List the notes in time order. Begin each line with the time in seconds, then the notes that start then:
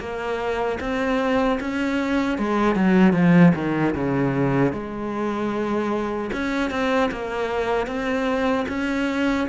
0.00 A#3
0.80 C4
1.61 C#4
2.39 G#3
2.76 F#3
3.14 F3
3.55 D#3
3.95 C#3
4.73 G#3
6.33 C#4
6.71 C4
7.12 A#3
7.87 C4
8.69 C#4